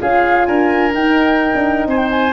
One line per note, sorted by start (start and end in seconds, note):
0.00 0.48 C#4
0.00 0.94 F4
0.00 0.48 G#4
0.00 0.46 F5
0.46 0.94 D4
0.46 1.88 A#4
0.46 0.93 G#5
0.94 2.33 D#4
0.94 1.53 D#4
0.94 1.88 G5
1.55 1.87 D4
1.87 2.33 C4
1.87 2.33 C5
1.87 1.97 G#5
1.97 2.09 G5
2.11 2.33 G#5